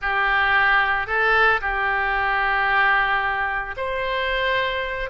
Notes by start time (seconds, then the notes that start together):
0.01 G4
1.06 A4
1.61 G4
3.76 C5